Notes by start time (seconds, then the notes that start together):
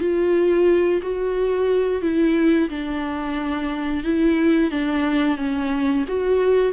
0.00 F4
1.02 F#4
2.02 E4
2.70 D4
4.04 E4
4.71 D4
5.37 C#4
6.08 F#4